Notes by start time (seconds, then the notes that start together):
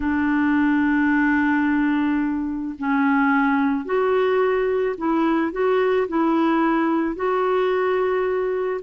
0.00 D4
2.78 C#4
3.85 F#4
4.97 E4
5.52 F#4
6.08 E4
7.15 F#4